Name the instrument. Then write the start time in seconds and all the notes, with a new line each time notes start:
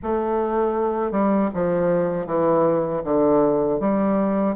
bassoon
0.02 A3
1.12 G3
1.54 F3
2.26 E3
3.03 D3
3.79 G3